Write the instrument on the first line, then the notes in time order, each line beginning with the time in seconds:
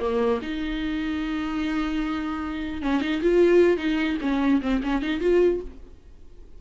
viola
0.00 A#3
0.42 D#4
2.82 C#4
3.01 D#4
3.22 F4
3.77 D#4
4.21 C#4
4.62 C4
4.83 C#4
5.02 D#4
5.20 F4